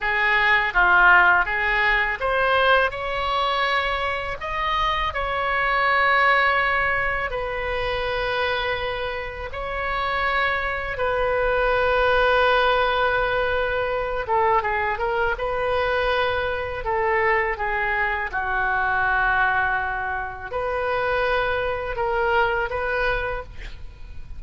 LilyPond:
\new Staff \with { instrumentName = "oboe" } { \time 4/4 \tempo 4 = 82 gis'4 f'4 gis'4 c''4 | cis''2 dis''4 cis''4~ | cis''2 b'2~ | b'4 cis''2 b'4~ |
b'2.~ b'8 a'8 | gis'8 ais'8 b'2 a'4 | gis'4 fis'2. | b'2 ais'4 b'4 | }